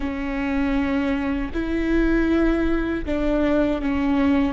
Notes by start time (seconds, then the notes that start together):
0.00 C#4
1.53 E4
3.05 D4
3.81 C#4